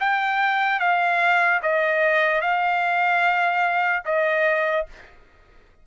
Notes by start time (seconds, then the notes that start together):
0.00 G5
0.80 F5
1.63 D#5
2.41 F5
4.05 D#5